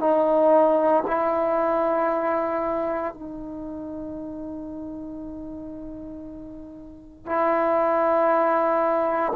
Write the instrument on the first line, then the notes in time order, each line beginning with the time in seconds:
trombone
0.00 D#4
1.07 E4
3.14 D#4
7.26 E4